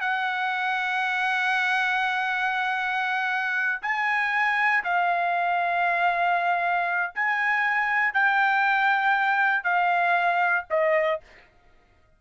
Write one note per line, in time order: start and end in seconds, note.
0.00 3.81 F#5
3.81 4.83 G#5
4.84 7.12 F5
7.14 8.13 G#5
8.13 9.63 G5
9.63 10.65 F5
10.70 11.20 D#5